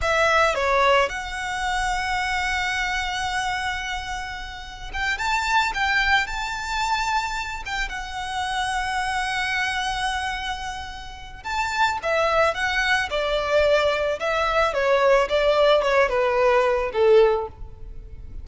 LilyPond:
\new Staff \with { instrumentName = "violin" } { \time 4/4 \tempo 4 = 110 e''4 cis''4 fis''2~ | fis''1~ | fis''4 g''8 a''4 g''4 a''8~ | a''2 g''8 fis''4.~ |
fis''1~ | fis''4 a''4 e''4 fis''4 | d''2 e''4 cis''4 | d''4 cis''8 b'4. a'4 | }